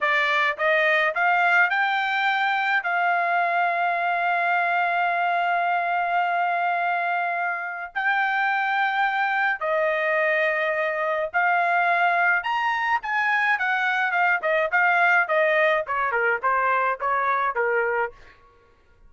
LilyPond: \new Staff \with { instrumentName = "trumpet" } { \time 4/4 \tempo 4 = 106 d''4 dis''4 f''4 g''4~ | g''4 f''2.~ | f''1~ | f''2 g''2~ |
g''4 dis''2. | f''2 ais''4 gis''4 | fis''4 f''8 dis''8 f''4 dis''4 | cis''8 ais'8 c''4 cis''4 ais'4 | }